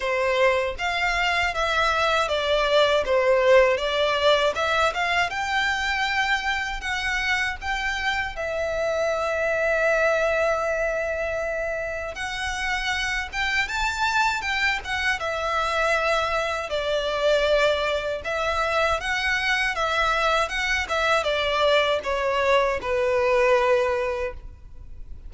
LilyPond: \new Staff \with { instrumentName = "violin" } { \time 4/4 \tempo 4 = 79 c''4 f''4 e''4 d''4 | c''4 d''4 e''8 f''8 g''4~ | g''4 fis''4 g''4 e''4~ | e''1 |
fis''4. g''8 a''4 g''8 fis''8 | e''2 d''2 | e''4 fis''4 e''4 fis''8 e''8 | d''4 cis''4 b'2 | }